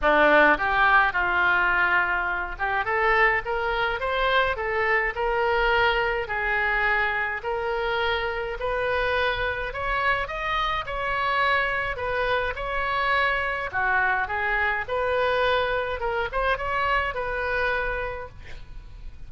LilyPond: \new Staff \with { instrumentName = "oboe" } { \time 4/4 \tempo 4 = 105 d'4 g'4 f'2~ | f'8 g'8 a'4 ais'4 c''4 | a'4 ais'2 gis'4~ | gis'4 ais'2 b'4~ |
b'4 cis''4 dis''4 cis''4~ | cis''4 b'4 cis''2 | fis'4 gis'4 b'2 | ais'8 c''8 cis''4 b'2 | }